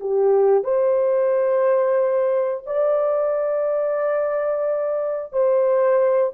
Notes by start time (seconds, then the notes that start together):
0.00 G4
0.64 C5
2.66 D5
5.32 C5